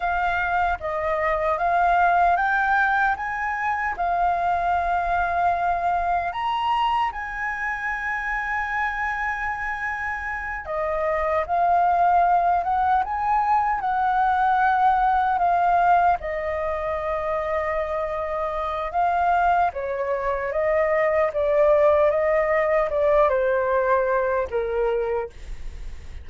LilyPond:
\new Staff \with { instrumentName = "flute" } { \time 4/4 \tempo 4 = 76 f''4 dis''4 f''4 g''4 | gis''4 f''2. | ais''4 gis''2.~ | gis''4. dis''4 f''4. |
fis''8 gis''4 fis''2 f''8~ | f''8 dis''2.~ dis''8 | f''4 cis''4 dis''4 d''4 | dis''4 d''8 c''4. ais'4 | }